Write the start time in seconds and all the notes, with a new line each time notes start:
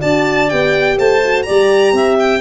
0.00 D4 F#4 D5 A5
0.49 B3 G4 G5
0.98 A3 C5 A5
1.24 F#4
1.43 G4 D5 A#5
1.50 G3
1.92 C4 E5
2.19 G5